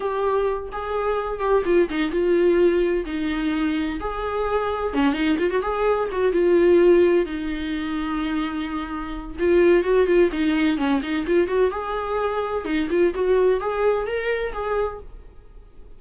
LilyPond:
\new Staff \with { instrumentName = "viola" } { \time 4/4 \tempo 4 = 128 g'4. gis'4. g'8 f'8 | dis'8 f'2 dis'4.~ | dis'8 gis'2 cis'8 dis'8 f'16 fis'16 | gis'4 fis'8 f'2 dis'8~ |
dis'1 | f'4 fis'8 f'8 dis'4 cis'8 dis'8 | f'8 fis'8 gis'2 dis'8 f'8 | fis'4 gis'4 ais'4 gis'4 | }